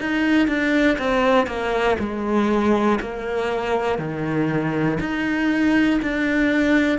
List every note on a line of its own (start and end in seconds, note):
0.00 0.48 D#4
0.48 0.98 D4
0.99 1.47 C4
1.47 1.97 A#3
2.00 3.00 G#3
3.00 3.99 A#3
3.99 4.99 D#3
5.00 6.00 D#4
6.02 6.99 D4